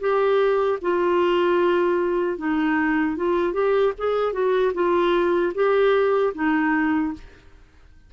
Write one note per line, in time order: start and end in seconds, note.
0.00 0.79 G4
0.81 2.38 F4
2.38 3.16 D#4
3.16 3.53 F4
3.53 3.93 G4
3.98 4.33 G#4
4.33 4.72 F#4
4.74 5.53 F4
5.54 6.33 G4
6.34 7.13 D#4